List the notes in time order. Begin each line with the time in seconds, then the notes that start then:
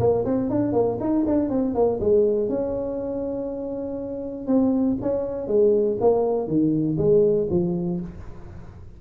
0.00 A#3
0.25 C4
0.50 D4
0.73 A#3
1.00 D#4
1.27 D4
1.50 C4
1.75 A#3
2.01 G#3
2.50 C#4
4.47 C4
5.02 C#4
5.47 G#3
6.01 A#3
6.48 D#3
6.98 G#3
7.50 F3